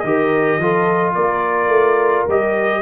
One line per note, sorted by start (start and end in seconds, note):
0.00 0.59 D#3
0.00 0.61 G4
0.00 1.12 D#5
0.08 0.62 A#4
0.59 1.15 F3
0.59 2.30 F4
0.59 1.15 A4
1.15 1.68 A#3
1.15 2.82 A#4
1.15 2.27 D5
1.68 2.24 A3
2.28 2.82 G3
2.28 2.82 G4
2.28 2.82 D#5